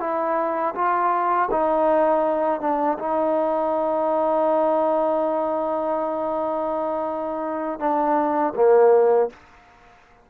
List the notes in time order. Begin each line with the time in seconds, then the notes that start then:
0.00 E4
0.75 F4
1.51 D#4
2.61 D4
2.99 D#4
7.79 D4
8.56 A#3